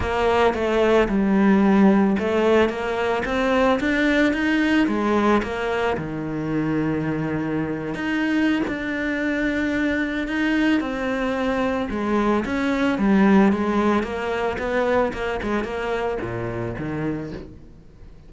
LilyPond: \new Staff \with { instrumentName = "cello" } { \time 4/4 \tempo 4 = 111 ais4 a4 g2 | a4 ais4 c'4 d'4 | dis'4 gis4 ais4 dis4~ | dis2~ dis8. dis'4~ dis'16 |
d'2. dis'4 | c'2 gis4 cis'4 | g4 gis4 ais4 b4 | ais8 gis8 ais4 ais,4 dis4 | }